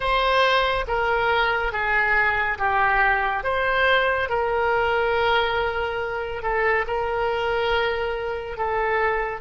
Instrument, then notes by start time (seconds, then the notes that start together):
oboe
0.00 C5
0.87 A#4
1.72 G#4
2.58 G4
3.43 C5
4.29 A#4
6.42 A4
6.87 A#4
8.57 A4